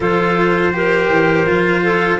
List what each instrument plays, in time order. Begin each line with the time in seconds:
0.00 tuba F3, cello F4, clarinet A4, trumpet C5
0.73 cello G4, clarinet A#4
1.09 tuba E3
1.46 tuba F3, cello F4
1.83 clarinet A4